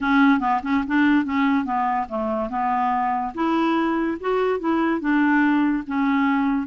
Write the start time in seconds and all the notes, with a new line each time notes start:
0.00 C#4
0.40 B3
0.62 C#4
0.87 D4
1.24 C#4
1.64 B3
2.08 A3
2.49 B3
3.34 E4
4.20 F#4
4.59 E4
5.00 D4
5.87 C#4